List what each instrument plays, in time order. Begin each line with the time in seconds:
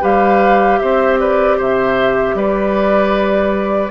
0.00 bassoon G3, clarinet G4, oboe B4, flute F5
0.78 bassoon C4, oboe C5, flute E5
1.20 oboe B4, flute D5
1.57 bassoon C3, oboe C5, flute E5
2.35 bassoon G3, oboe B4, flute D5